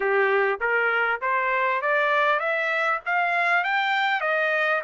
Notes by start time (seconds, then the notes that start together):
0.00 G4
0.60 A#4
1.21 C5
1.81 D5
2.39 E5
3.05 F5
3.64 G5
4.21 D#5